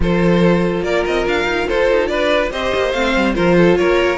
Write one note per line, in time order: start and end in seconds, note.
0.00 0.82 F3
0.00 2.51 F4
0.00 0.84 A4
0.00 0.83 C5
0.82 1.03 A#3
0.82 1.67 A#4
0.82 1.04 D5
1.05 1.25 C4
1.05 1.26 D#5
1.25 1.44 D4
1.25 1.68 F5
1.44 1.65 D#4
1.67 1.90 F4
1.67 2.09 A4
1.67 2.07 C5
1.90 2.08 D#4
2.07 2.50 D4
2.07 2.51 B4
2.07 2.49 D5
2.51 2.72 C4
2.51 2.93 G4
2.51 3.35 C5
2.51 2.91 D#5
2.74 2.94 A#3
2.91 3.15 A3
2.91 3.34 C4
2.91 3.33 F5
3.15 3.36 G3
3.34 3.79 F3
3.34 4.17 F4
3.34 3.56 A#4
3.34 3.76 C5
3.57 3.78 A4
3.76 4.17 A#3
3.76 4.17 A#4
3.76 4.17 C#5